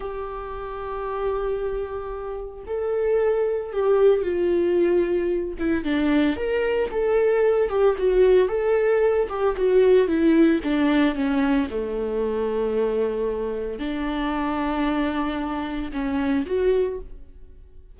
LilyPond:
\new Staff \with { instrumentName = "viola" } { \time 4/4 \tempo 4 = 113 g'1~ | g'4 a'2 g'4 | f'2~ f'8 e'8 d'4 | ais'4 a'4. g'8 fis'4 |
a'4. g'8 fis'4 e'4 | d'4 cis'4 a2~ | a2 d'2~ | d'2 cis'4 fis'4 | }